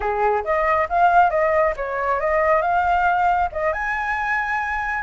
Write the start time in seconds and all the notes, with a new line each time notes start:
0.00 G#4
0.44 D#5
0.89 F5
1.30 D#5
1.76 C#5
2.20 D#5
2.61 F5
3.52 D#5
3.72 G#5